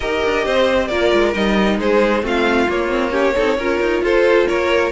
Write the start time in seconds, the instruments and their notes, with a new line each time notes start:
0.00 cello D#4, viola G4, violin A#4 D#5
0.24 cello D4
0.44 cello C4, violin C5
0.87 cello A#3, viola F4, violin A#4 D5
1.12 cello G#3
1.33 cello G3, viola D#4, violin D#5
1.79 cello G#3, violin G#4 C5
2.22 cello A3, viola C4, violin F4 F5
2.68 cello A#3, viola A#3, violin C#5
2.89 viola C4
3.10 viola C#4, violin G4
3.35 cello C4, viola D#4, violin A4
3.57 cello C#4, viola F4, violin A#4
3.80 cello D#4
4.02 cello F4, violin A4 C5
4.47 cello A#3, violin A#4 C#5